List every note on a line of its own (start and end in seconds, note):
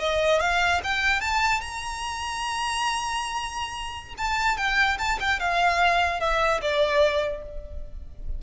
0.00 0.40 D#5
0.40 0.81 F5
0.84 1.21 G5
1.21 1.61 A5
1.61 4.14 A#5
4.18 4.57 A5
4.57 4.98 G5
4.99 5.19 A5
5.20 5.40 G5
5.40 6.20 F5
6.20 6.61 E5
6.62 7.43 D5